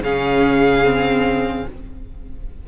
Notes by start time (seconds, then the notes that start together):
0.00 C#3 C#4 G#4 F5
0.84 C4